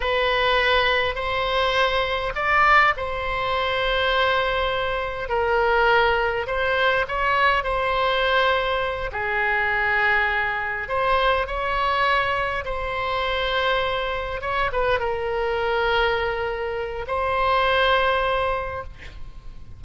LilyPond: \new Staff \with { instrumentName = "oboe" } { \time 4/4 \tempo 4 = 102 b'2 c''2 | d''4 c''2.~ | c''4 ais'2 c''4 | cis''4 c''2~ c''8 gis'8~ |
gis'2~ gis'8 c''4 cis''8~ | cis''4. c''2~ c''8~ | c''8 cis''8 b'8 ais'2~ ais'8~ | ais'4 c''2. | }